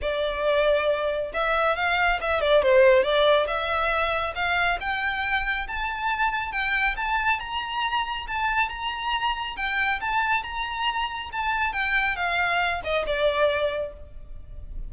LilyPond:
\new Staff \with { instrumentName = "violin" } { \time 4/4 \tempo 4 = 138 d''2. e''4 | f''4 e''8 d''8 c''4 d''4 | e''2 f''4 g''4~ | g''4 a''2 g''4 |
a''4 ais''2 a''4 | ais''2 g''4 a''4 | ais''2 a''4 g''4 | f''4. dis''8 d''2 | }